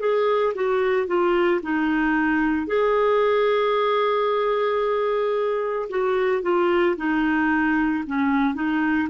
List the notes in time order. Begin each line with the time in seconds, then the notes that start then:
0.00 G#4
0.55 F#4
1.07 F4
1.63 D#4
2.67 G#4
5.89 F#4
6.42 F4
6.97 D#4
8.07 C#4
8.55 D#4